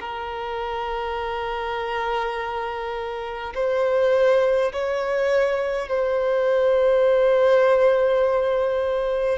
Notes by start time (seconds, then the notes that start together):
0.00 A#4
3.55 C5
4.72 C#5
5.88 C5